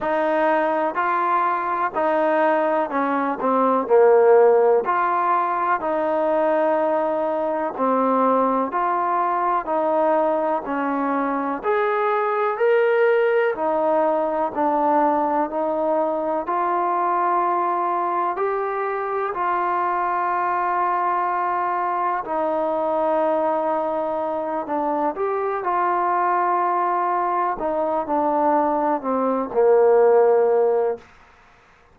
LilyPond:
\new Staff \with { instrumentName = "trombone" } { \time 4/4 \tempo 4 = 62 dis'4 f'4 dis'4 cis'8 c'8 | ais4 f'4 dis'2 | c'4 f'4 dis'4 cis'4 | gis'4 ais'4 dis'4 d'4 |
dis'4 f'2 g'4 | f'2. dis'4~ | dis'4. d'8 g'8 f'4.~ | f'8 dis'8 d'4 c'8 ais4. | }